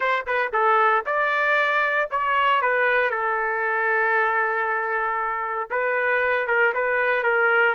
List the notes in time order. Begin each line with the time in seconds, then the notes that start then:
0.00 C5
0.26 B4
0.52 A4
1.06 D5
2.10 C#5
2.61 B4
3.10 A4
5.70 B4
6.47 A#4
6.74 B4
7.23 A#4